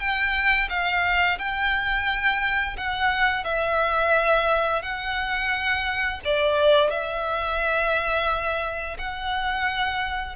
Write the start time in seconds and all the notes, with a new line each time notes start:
0.00 G5
0.70 F5
1.39 G5
2.77 F#5
3.45 E5
4.82 F#5
6.25 D5
6.91 E5
8.99 F#5